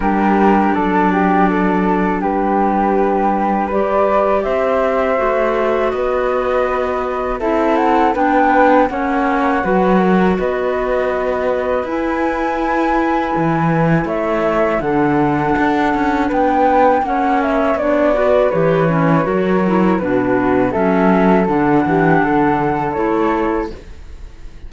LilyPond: <<
  \new Staff \with { instrumentName = "flute" } { \time 4/4 \tempo 4 = 81 ais'4 d''2 b'4~ | b'4 d''4 e''2 | dis''2 e''8 fis''8 g''4 | fis''2 dis''2 |
gis''2. e''4 | fis''2 g''4 fis''8 e''8 | d''4 cis''2 b'4 | e''4 fis''2 cis''4 | }
  \new Staff \with { instrumentName = "flute" } { \time 4/4 g'4 a'8 g'8 a'4 g'4~ | g'4 b'4 c''2 | b'2 a'4 b'4 | cis''4 b'8 ais'8 b'2~ |
b'2. cis''4 | a'2 b'4 cis''4~ | cis''8 b'4. ais'4 fis'4 | a'4. g'8 a'2 | }
  \new Staff \with { instrumentName = "clarinet" } { \time 4/4 d'1~ | d'4 g'2 fis'4~ | fis'2 e'4 d'4 | cis'4 fis'2. |
e'1 | d'2. cis'4 | d'8 fis'8 g'8 cis'8 fis'8 e'8 d'4 | cis'4 d'2 e'4 | }
  \new Staff \with { instrumentName = "cello" } { \time 4/4 g4 fis2 g4~ | g2 c'4 a4 | b2 c'4 b4 | ais4 fis4 b2 |
e'2 e4 a4 | d4 d'8 cis'8 b4 ais4 | b4 e4 fis4 b,4 | fis4 d8 e8 d4 a4 | }
>>